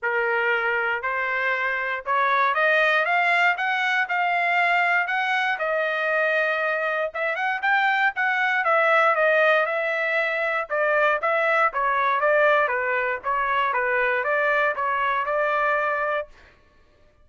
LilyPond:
\new Staff \with { instrumentName = "trumpet" } { \time 4/4 \tempo 4 = 118 ais'2 c''2 | cis''4 dis''4 f''4 fis''4 | f''2 fis''4 dis''4~ | dis''2 e''8 fis''8 g''4 |
fis''4 e''4 dis''4 e''4~ | e''4 d''4 e''4 cis''4 | d''4 b'4 cis''4 b'4 | d''4 cis''4 d''2 | }